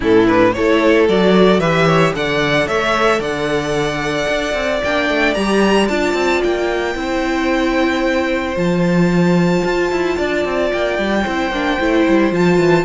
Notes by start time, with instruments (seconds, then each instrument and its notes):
0.00 cello A2, viola C#4, violin E4 A4
0.27 viola D4, violin B4
0.53 cello A3, viola E4, violin A4 C#5
1.08 cello F#3, viola F#4, violin D5
1.59 cello E3, viola G4, violin B4 E5
1.86 violin C#5
2.14 cello D3, viola A4, violin D5 F#5
2.66 cello A3, violin C#5 E5
3.19 cello D3, violin D5 F#5
4.28 cello D4
4.53 cello C4
4.83 cello A#3, viola D4, violin G5
5.09 cello A3
5.33 cello G3, viola G4, violin A#5
5.88 cello D4, viola F4, violin A5
6.13 cello C4
6.43 cello A#3, violin G5
6.95 cello C4, viola E4, violin C5
8.55 cello F3, viola F4, violin A5
9.64 cello F4
9.91 cello E4
10.17 cello D4, violin D5
10.45 cello C4
10.72 cello A#3, violin G5
10.98 cello G3
11.23 cello C4, viola E4, violin C5
11.50 cello A#3, viola D4
11.79 cello A3, viola E4
12.08 cello G3
12.31 cello F3, viola F4, violin A5
12.58 cello E3